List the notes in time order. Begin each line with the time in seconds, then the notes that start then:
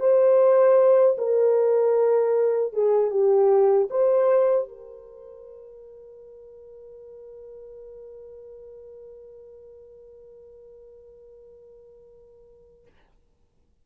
0.00 C5
1.18 A#4
2.73 G#4
3.11 G4
3.90 C5
4.68 A#4